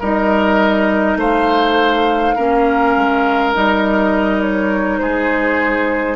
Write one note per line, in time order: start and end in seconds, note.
0.00 1.16 G3
0.00 2.37 D#4
0.00 1.18 A#4
0.00 1.18 D#5
1.16 2.34 A3
1.16 2.36 C5
1.16 3.54 F5
2.36 2.97 A#3
2.36 3.54 C#4
2.36 5.00 A#4
2.97 3.55 G#3
3.54 5.00 G3
3.54 6.16 D#4
3.54 4.42 D#5
4.42 4.99 C#5
4.99 6.16 G#3
4.99 6.16 G#4
4.99 6.16 C5